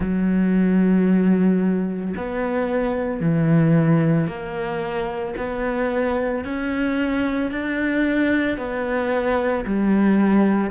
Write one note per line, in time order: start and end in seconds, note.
0.00 2.14 F#3
2.17 3.20 B3
3.20 4.27 E3
4.27 5.34 A#3
5.37 6.44 B3
6.44 7.51 C#4
7.51 8.57 D4
8.57 9.64 B3
9.65 10.70 G3